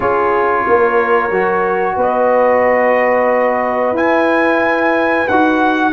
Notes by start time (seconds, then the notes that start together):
0.00 C#4 F4 G#4 C#5
0.66 A#3 A#4
1.30 F#3 F#4
1.96 B3 B4 D#5
3.92 E4 G#5
5.28 D#4 F#4 F#5